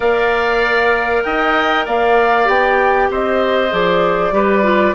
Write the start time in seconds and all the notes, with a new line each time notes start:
0.00 A#3 A#4 D5 F5
1.23 D#4 D#5 G5
1.85 A#3 D5 F5
2.44 B3 G4 G5
3.10 C4 C5 D#5
3.71 F3 G#4 D5
4.31 G3 G4 B4
4.63 F4